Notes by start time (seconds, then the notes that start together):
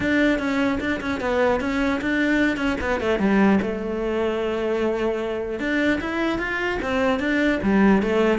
0.00 D4
0.39 C#4
0.80 D4
1.01 C#4
1.20 B3
1.60 C#4
2.01 D4
2.57 C#4
2.80 B3
3.00 A3
3.19 G3
3.61 A3
5.59 D4
6.01 E4
6.38 F4
6.82 C4
7.19 D4
7.62 G3
8.02 A3